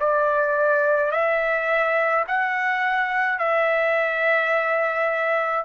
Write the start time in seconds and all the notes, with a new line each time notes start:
0.00 D5
1.11 E5
2.27 F#5
3.39 E5